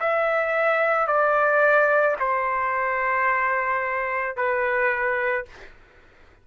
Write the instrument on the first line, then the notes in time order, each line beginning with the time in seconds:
trumpet
0.00 E5
1.08 D5
2.20 C5
4.36 B4